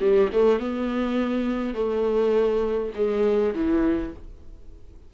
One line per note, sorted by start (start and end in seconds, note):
0.00 0.29 G3
0.32 0.59 A3
0.59 1.74 B3
1.74 2.92 A3
2.95 3.53 G#3
3.54 4.13 E3